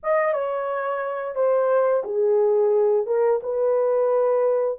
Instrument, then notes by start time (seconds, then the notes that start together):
horn
0.03 D#5
0.33 C#5
1.35 C5
2.04 G#4
3.06 A#4
3.42 B4